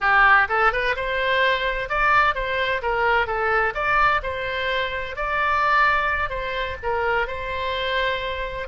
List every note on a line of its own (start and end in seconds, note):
0.01 0.48 G4
0.49 0.72 A4
0.72 0.95 B4
0.96 1.89 C5
1.89 2.34 D5
2.34 2.81 C5
2.81 3.26 A#4
3.26 3.73 A4
3.74 4.21 D5
4.23 5.16 C5
5.16 6.29 D5
6.29 6.76 C5
6.82 7.27 A#4
7.27 8.68 C5